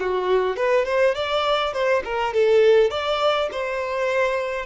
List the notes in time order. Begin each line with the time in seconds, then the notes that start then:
0.00 F#4
0.57 B4
0.86 C5
1.15 D5
1.74 C5
2.05 A#4
2.34 A4
2.91 D5
3.52 C5